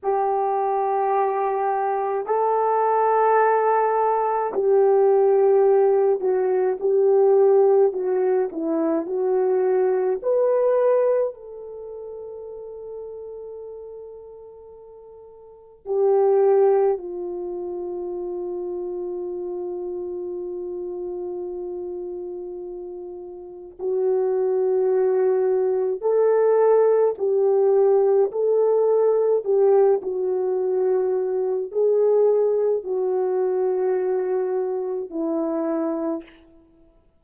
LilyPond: \new Staff \with { instrumentName = "horn" } { \time 4/4 \tempo 4 = 53 g'2 a'2 | g'4. fis'8 g'4 fis'8 e'8 | fis'4 b'4 a'2~ | a'2 g'4 f'4~ |
f'1~ | f'4 fis'2 a'4 | g'4 a'4 g'8 fis'4. | gis'4 fis'2 e'4 | }